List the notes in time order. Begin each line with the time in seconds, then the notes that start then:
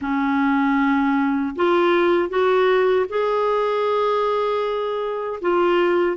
0.01 C#4
1.55 F4
2.29 F#4
3.09 G#4
5.41 F4